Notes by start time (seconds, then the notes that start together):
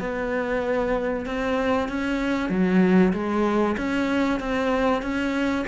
0.00 B3
1.26 C4
1.89 C#4
2.50 F#3
3.13 G#3
3.78 C#4
4.40 C4
5.03 C#4